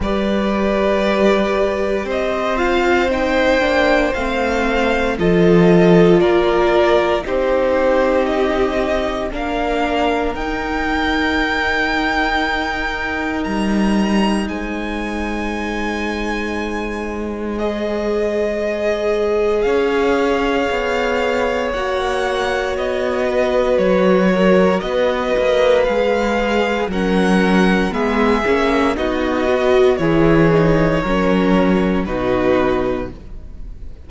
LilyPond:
<<
  \new Staff \with { instrumentName = "violin" } { \time 4/4 \tempo 4 = 58 d''2 dis''8 f''8 g''4 | f''4 dis''4 d''4 c''4 | dis''4 f''4 g''2~ | g''4 ais''4 gis''2~ |
gis''4 dis''2 f''4~ | f''4 fis''4 dis''4 cis''4 | dis''4 f''4 fis''4 e''4 | dis''4 cis''2 b'4 | }
  \new Staff \with { instrumentName = "violin" } { \time 4/4 b'2 c''2~ | c''4 a'4 ais'4 g'4~ | g'4 ais'2.~ | ais'2 c''2~ |
c''2. cis''4~ | cis''2~ cis''8 b'4 ais'8 | b'2 ais'4 gis'4 | fis'4 gis'4 ais'4 fis'4 | }
  \new Staff \with { instrumentName = "viola" } { \time 4/4 g'2~ g'8 f'8 dis'8 d'8 | c'4 f'2 dis'4~ | dis'4 d'4 dis'2~ | dis'1~ |
dis'4 gis'2.~ | gis'4 fis'2.~ | fis'4 gis'4 cis'4 b8 cis'8 | dis'8 fis'8 e'8 dis'8 cis'4 dis'4 | }
  \new Staff \with { instrumentName = "cello" } { \time 4/4 g2 c'4. ais8 | a4 f4 ais4 c'4~ | c'4 ais4 dis'2~ | dis'4 g4 gis2~ |
gis2. cis'4 | b4 ais4 b4 fis4 | b8 ais8 gis4 fis4 gis8 ais8 | b4 e4 fis4 b,4 | }
>>